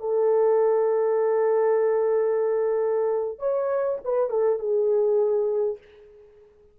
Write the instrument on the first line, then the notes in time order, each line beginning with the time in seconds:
horn
0.00 A4
3.39 C#5
4.04 B4
4.29 A4
4.59 G#4